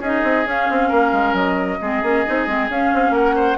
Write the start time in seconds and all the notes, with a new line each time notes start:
0.00 C#4 D#4 G#4 D#5
0.23 C4
0.46 C#4 F5
0.70 C4
0.88 A#3 A#4
1.12 G#3
1.33 F#3 D#5
1.81 G#3 C4 G#4
2.03 A#3 C#4
2.26 C4 D#4
2.46 G#3 C4
2.70 C#4 F5
2.94 C4
3.10 A#3 A#4 F#5
3.36 C5